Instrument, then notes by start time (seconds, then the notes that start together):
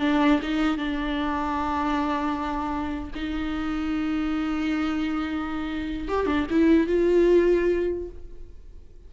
viola
0.00 D4
0.43 D#4
0.78 D4
3.15 D#4
6.09 G4
6.27 D4
6.50 E4
6.87 F4